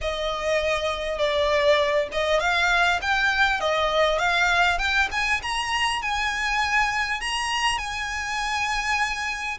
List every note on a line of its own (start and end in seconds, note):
0.01 1.18 D#5
1.18 2.08 D5
2.12 2.40 D#5
2.40 3.00 F5
3.01 3.60 G5
3.60 4.18 D#5
4.18 4.78 F5
4.78 5.08 G5
5.11 5.41 G#5
5.42 6.02 A#5
6.02 7.20 G#5
7.20 7.78 A#5
7.78 9.58 G#5